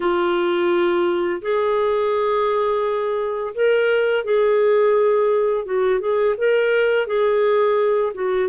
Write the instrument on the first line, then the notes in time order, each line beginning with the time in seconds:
clarinet
0.00 F4
1.41 G#4
3.54 A#4
4.24 G#4
5.65 F#4
6.00 G#4
6.37 A#4
7.07 G#4
8.14 F#4